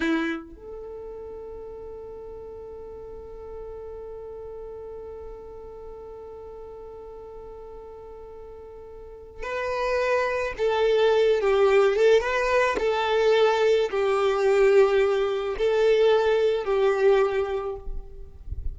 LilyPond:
\new Staff \with { instrumentName = "violin" } { \time 4/4 \tempo 4 = 108 e'4 a'2.~ | a'1~ | a'1~ | a'1~ |
a'4 b'2 a'4~ | a'8 g'4 a'8 b'4 a'4~ | a'4 g'2. | a'2 g'2 | }